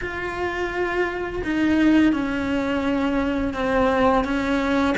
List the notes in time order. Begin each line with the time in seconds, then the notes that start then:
0.01 F4
1.43 D#4
2.12 C#4
3.53 C4
4.24 C#4